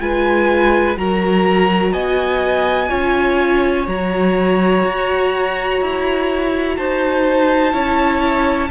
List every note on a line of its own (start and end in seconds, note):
0.00 0.97 G#3
0.00 0.97 F4
0.00 0.99 B4
0.00 0.97 G#5
0.97 1.94 F#3
0.97 2.89 F#4
0.97 1.93 A#4
0.97 1.93 A#5
1.93 2.90 B3
1.93 2.89 D#5
1.93 3.87 G#5
2.89 3.87 C#4
2.89 3.86 F4
2.89 6.76 C#5
3.87 4.84 F#3
3.87 7.72 F#4
3.87 6.77 A#5
4.84 5.81 F#4
5.81 6.78 E4
6.77 7.74 D#4
6.77 7.73 C5
6.77 8.71 A5
7.72 8.70 C#4
7.72 8.69 E4
7.72 8.70 C#5